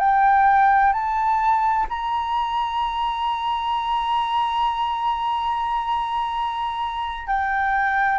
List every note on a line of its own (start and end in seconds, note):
0.00 0.93 G5
0.93 1.87 A5
1.90 7.27 A#5
7.27 8.19 G5